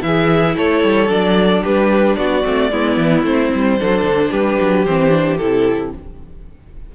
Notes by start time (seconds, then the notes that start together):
0.00 E3 E4 E5
0.06 G#4
0.56 A3 A4 C#5
0.83 G3
1.08 F#3 D4 D5
1.63 G3 G4 B4
2.16 B3 F#4 D5
2.43 A3 C4
2.71 G#3 B3 E4
2.97 E3
3.23 A3 C4 C5
3.54 G3
3.79 F#3 D4 A4
4.03 D3
4.30 G3 G4 B4
4.61 F#3
4.85 E3 C4 C5
5.09 D4
5.37 C3 E4 A4